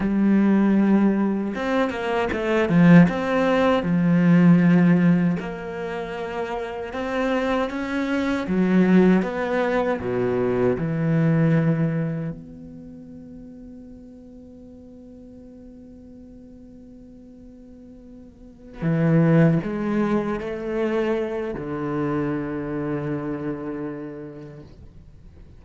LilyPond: \new Staff \with { instrumentName = "cello" } { \time 4/4 \tempo 4 = 78 g2 c'8 ais8 a8 f8 | c'4 f2 ais4~ | ais4 c'4 cis'4 fis4 | b4 b,4 e2 |
b1~ | b1~ | b8 e4 gis4 a4. | d1 | }